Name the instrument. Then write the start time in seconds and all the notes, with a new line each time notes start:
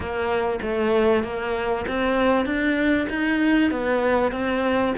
cello
0.00 A#3
0.62 A3
1.23 A#3
1.87 C4
2.45 D4
3.09 D#4
3.71 B3
4.32 C4